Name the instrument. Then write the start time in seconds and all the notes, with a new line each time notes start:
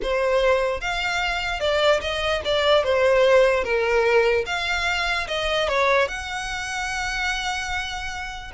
violin
0.02 C5
0.80 F5
1.60 D5
2.01 D#5
2.44 D5
2.83 C5
3.63 A#4
4.46 F5
5.27 D#5
5.68 C#5
6.08 F#5